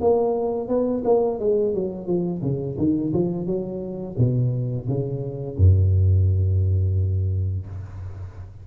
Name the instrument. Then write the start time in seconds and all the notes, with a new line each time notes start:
tuba
0.00 A#3
0.68 B3
1.04 A#3
1.39 G#3
1.74 F#3
2.06 F3
2.42 C#3
2.77 D#3
3.13 F3
3.46 F#3
4.17 B2
4.87 C#3
5.57 F#2